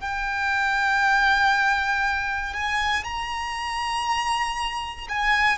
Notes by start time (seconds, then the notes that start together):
0.00 G5
2.53 G#5
3.04 A#5
5.08 G#5